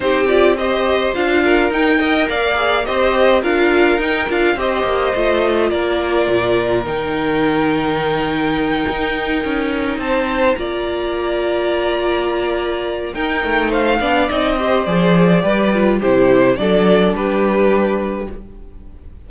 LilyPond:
<<
  \new Staff \with { instrumentName = "violin" } { \time 4/4 \tempo 4 = 105 c''8 d''8 dis''4 f''4 g''4 | f''4 dis''4 f''4 g''8 f''8 | dis''2 d''2 | g''1~ |
g''4. a''4 ais''4.~ | ais''2. g''4 | f''4 dis''4 d''2 | c''4 d''4 b'2 | }
  \new Staff \with { instrumentName = "violin" } { \time 4/4 g'4 c''4. ais'4 dis''8 | d''4 c''4 ais'2 | c''2 ais'2~ | ais'1~ |
ais'4. c''4 d''4.~ | d''2. ais'4 | c''8 d''4 c''4. b'4 | g'4 a'4 g'2 | }
  \new Staff \with { instrumentName = "viola" } { \time 4/4 dis'8 f'8 g'4 f'4 dis'8 ais'8~ | ais'8 gis'8 g'4 f'4 dis'8 f'8 | g'4 f'2. | dis'1~ |
dis'2~ dis'8 f'4.~ | f'2. dis'4~ | dis'8 d'8 dis'8 g'8 gis'4 g'8 f'8 | e'4 d'2. | }
  \new Staff \with { instrumentName = "cello" } { \time 4/4 c'2 d'4 dis'4 | ais4 c'4 d'4 dis'8 d'8 | c'8 ais8 a4 ais4 ais,4 | dis2.~ dis8 dis'8~ |
dis'8 cis'4 c'4 ais4.~ | ais2. dis'8 a8~ | a8 b8 c'4 f4 g4 | c4 fis4 g2 | }
>>